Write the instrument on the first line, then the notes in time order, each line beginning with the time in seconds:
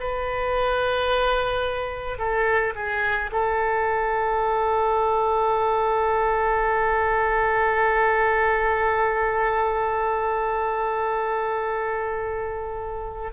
oboe
0.00 B4
2.19 A4
2.75 G#4
3.32 A4